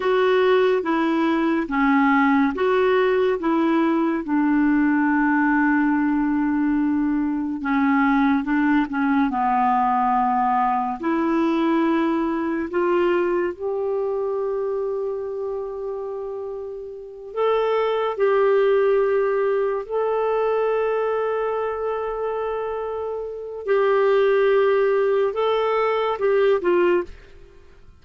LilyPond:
\new Staff \with { instrumentName = "clarinet" } { \time 4/4 \tempo 4 = 71 fis'4 e'4 cis'4 fis'4 | e'4 d'2.~ | d'4 cis'4 d'8 cis'8 b4~ | b4 e'2 f'4 |
g'1~ | g'8 a'4 g'2 a'8~ | a'1 | g'2 a'4 g'8 f'8 | }